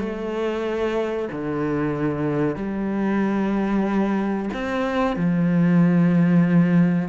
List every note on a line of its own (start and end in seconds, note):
0.00 1.29 A3
1.32 2.56 D3
2.56 4.50 G3
4.54 5.17 C4
5.17 7.09 F3